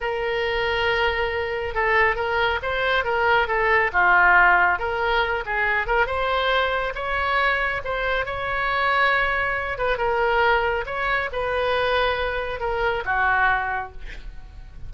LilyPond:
\new Staff \with { instrumentName = "oboe" } { \time 4/4 \tempo 4 = 138 ais'1 | a'4 ais'4 c''4 ais'4 | a'4 f'2 ais'4~ | ais'8 gis'4 ais'8 c''2 |
cis''2 c''4 cis''4~ | cis''2~ cis''8 b'8 ais'4~ | ais'4 cis''4 b'2~ | b'4 ais'4 fis'2 | }